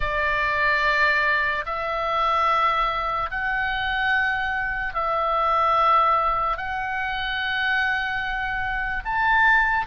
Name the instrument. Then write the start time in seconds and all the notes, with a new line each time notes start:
oboe
0.00 D5
1.65 E5
3.30 F#5
4.94 E5
6.57 F#5
9.04 A5